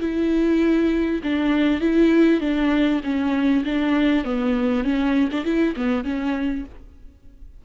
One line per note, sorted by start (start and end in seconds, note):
0.00 1.21 E4
1.23 1.81 D4
1.81 2.40 E4
2.40 3.01 D4
3.04 3.64 C#4
3.65 4.25 D4
4.25 4.84 B3
4.84 5.29 C#4
5.32 5.45 D4
5.45 5.75 E4
5.76 6.04 B3
6.04 6.65 C#4